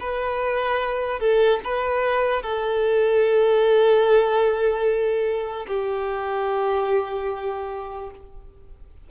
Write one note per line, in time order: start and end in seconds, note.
0.00 1.20 B4
1.20 1.60 A4
1.64 2.42 B4
2.42 5.66 A4
5.67 8.10 G4